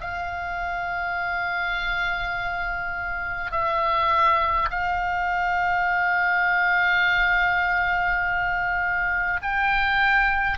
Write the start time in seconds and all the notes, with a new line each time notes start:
0.00 F5
3.51 E5
4.70 F5
9.41 G5